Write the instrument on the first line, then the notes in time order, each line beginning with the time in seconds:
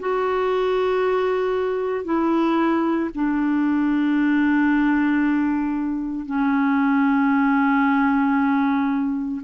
clarinet
0.00 F#4
2.05 E4
3.15 D4
6.26 C#4